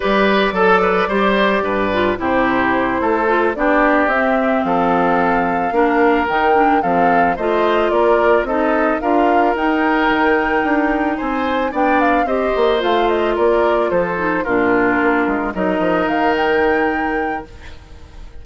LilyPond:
<<
  \new Staff \with { instrumentName = "flute" } { \time 4/4 \tempo 4 = 110 d''1 | c''2~ c''8 d''4 e''8~ | e''8 f''2. g''8~ | g''8 f''4 dis''4 d''4 dis''8~ |
dis''8 f''4 g''2~ g''8~ | g''8 gis''4 g''8 f''8 dis''4 f''8 | dis''8 d''4 c''4 ais'4.~ | ais'8 dis''4 f''8 g''2 | }
  \new Staff \with { instrumentName = "oboe" } { \time 4/4 b'4 a'8 b'8 c''4 b'4 | g'4. a'4 g'4.~ | g'8 a'2 ais'4.~ | ais'8 a'4 c''4 ais'4 a'8~ |
a'8 ais'2.~ ais'8~ | ais'8 c''4 d''4 c''4.~ | c''8 ais'4 a'4 f'4.~ | f'8 ais'2.~ ais'8 | }
  \new Staff \with { instrumentName = "clarinet" } { \time 4/4 g'4 a'4 g'4. f'8 | e'2 f'8 d'4 c'8~ | c'2~ c'8 d'4 dis'8 | d'8 c'4 f'2 dis'8~ |
dis'8 f'4 dis'2~ dis'8~ | dis'4. d'4 g'4 f'8~ | f'2 dis'8 d'4.~ | d'8 dis'2.~ dis'8 | }
  \new Staff \with { instrumentName = "bassoon" } { \time 4/4 g4 fis4 g4 g,4 | c4. a4 b4 c'8~ | c'8 f2 ais4 dis8~ | dis8 f4 a4 ais4 c'8~ |
c'8 d'4 dis'4 dis4 d'8~ | d'8 c'4 b4 c'8 ais8 a8~ | a8 ais4 f4 ais,4 ais8 | gis8 fis8 f8 dis2~ dis8 | }
>>